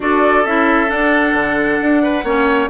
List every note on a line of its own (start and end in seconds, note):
0.00 0.44 D4
0.00 0.45 F#4
0.00 2.02 A4
0.00 0.45 D5
0.44 0.90 C#4
0.44 0.87 E4
0.44 0.90 E5
0.87 2.23 D4
0.87 1.33 D4
0.87 2.70 F#5
1.33 1.78 D3
1.81 2.23 D4
2.02 2.24 B4
2.23 2.68 A#3
2.23 2.70 C#4
2.23 2.69 C#5